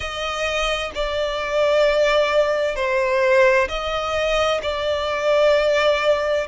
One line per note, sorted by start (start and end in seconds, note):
0.00 0.91 D#5
0.94 2.75 D5
2.75 3.68 C5
3.68 4.60 D#5
4.62 6.47 D5